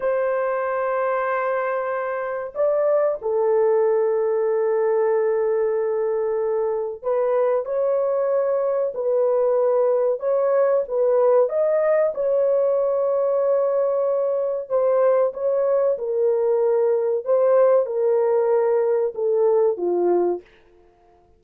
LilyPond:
\new Staff \with { instrumentName = "horn" } { \time 4/4 \tempo 4 = 94 c''1 | d''4 a'2.~ | a'2. b'4 | cis''2 b'2 |
cis''4 b'4 dis''4 cis''4~ | cis''2. c''4 | cis''4 ais'2 c''4 | ais'2 a'4 f'4 | }